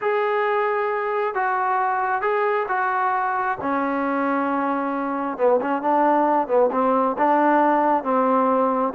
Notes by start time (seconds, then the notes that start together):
0.01 G#4
1.34 F#4
2.21 G#4
2.68 F#4
3.61 C#4
5.37 B3
5.61 C#4
5.82 D4
6.47 B3
6.71 C4
7.17 D4
8.03 C4